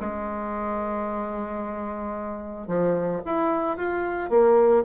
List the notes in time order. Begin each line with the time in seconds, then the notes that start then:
0.00 G#3
2.67 F3
3.25 E4
3.77 F4
4.30 A#3